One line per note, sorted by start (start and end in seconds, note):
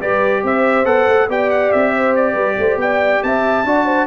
0.00 0.43 G3
0.00 0.85 G4
0.00 0.43 B4
0.00 0.44 D5
0.43 0.86 C4
0.43 1.29 C5
0.43 0.86 E5
0.85 1.07 B3
0.85 1.28 A4
0.85 1.28 F#5
1.08 1.28 A3
1.28 1.71 B3
1.28 3.65 G4
1.28 1.94 D5
1.28 1.50 G5
1.50 1.72 F#5
1.72 2.35 C4
1.72 2.15 E5
1.94 2.33 C5
2.15 2.80 D5
2.33 2.56 G3
2.33 2.54 B4
2.58 2.77 A3
2.58 2.81 C5
2.77 3.20 B3
2.77 3.25 D5
2.77 3.23 G5
3.23 3.64 C4
3.23 3.67 E5
3.23 4.07 A5
3.64 4.07 D4
3.64 4.07 F#4
3.64 3.86 D5
3.86 4.07 C5